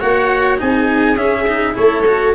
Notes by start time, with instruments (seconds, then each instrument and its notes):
0.00 tuba A#3, cello F#4, viola C#5, trumpet F#5
0.57 tuba C4, cello D#4, viola G#4, trumpet G#5
1.16 tuba C#4, cello C#4, trumpet E5
1.47 cello D#4
1.74 tuba A3, cello E4, viola A4, trumpet C#5
2.06 cello F#4